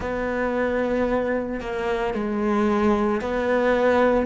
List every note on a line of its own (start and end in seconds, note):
0.00 1.60 B3
1.60 2.14 A#3
2.14 3.21 G#3
3.21 4.26 B3